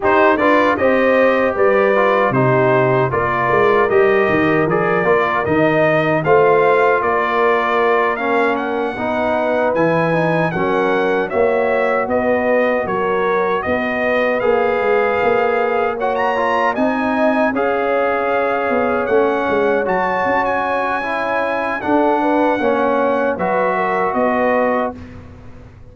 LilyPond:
<<
  \new Staff \with { instrumentName = "trumpet" } { \time 4/4 \tempo 4 = 77 c''8 d''8 dis''4 d''4 c''4 | d''4 dis''4 d''4 dis''4 | f''4 d''4. f''8 fis''4~ | fis''8 gis''4 fis''4 e''4 dis''8~ |
dis''8 cis''4 dis''4 f''4.~ | f''8 fis''16 ais''8. gis''4 f''4.~ | f''8 fis''4 a''8. gis''4.~ gis''16 | fis''2 e''4 dis''4 | }
  \new Staff \with { instrumentName = "horn" } { \time 4/4 g'8 b'8 c''4 b'4 g'4 | ais'1 | c''4 ais'2~ ais'8 b'8~ | b'4. ais'4 cis''4 b'8~ |
b'8 ais'4 b'2~ b'8~ | b'8 cis''4 dis''4 cis''4.~ | cis''1 | a'8 b'8 cis''4 b'8 ais'8 b'4 | }
  \new Staff \with { instrumentName = "trombone" } { \time 4/4 dis'8 f'8 g'4. f'8 dis'4 | f'4 g'4 gis'8 f'8 dis'4 | f'2~ f'8 cis'4 dis'8~ | dis'8 e'8 dis'8 cis'4 fis'4.~ |
fis'2~ fis'8 gis'4.~ | gis'8 fis'8 f'8 dis'4 gis'4.~ | gis'8 cis'4 fis'4. e'4 | d'4 cis'4 fis'2 | }
  \new Staff \with { instrumentName = "tuba" } { \time 4/4 dis'8 d'8 c'4 g4 c4 | ais8 gis8 g8 dis8 f8 ais8 dis4 | a4 ais2~ ais8 b8~ | b8 e4 fis4 ais4 b8~ |
b8 fis4 b4 ais8 gis8 ais8~ | ais4. c'4 cis'4. | b8 a8 gis8 fis8 cis'2 | d'4 ais4 fis4 b4 | }
>>